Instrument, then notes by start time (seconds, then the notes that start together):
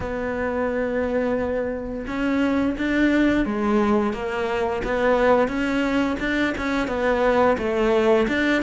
cello
0.00 B3
2.07 C#4
2.77 D4
3.45 G#3
4.13 A#3
4.83 B3
5.48 C#4
6.19 D4
6.57 C#4
6.87 B3
7.58 A3
8.28 D4